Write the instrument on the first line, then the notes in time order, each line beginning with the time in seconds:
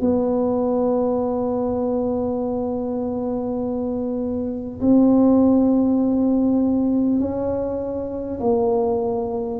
tuba
0.00 B3
4.81 C4
7.19 C#4
8.39 A#3